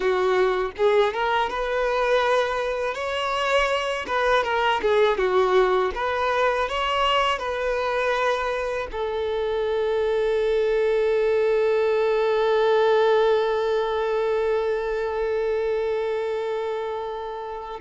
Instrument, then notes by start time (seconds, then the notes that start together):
violin
0.00 F#4
0.77 G#4
1.13 A#4
1.49 B4
2.94 C#5
4.06 B4
4.43 A#4
4.81 G#4
5.17 F#4
5.95 B4
6.68 C#5
7.39 B4
8.91 A4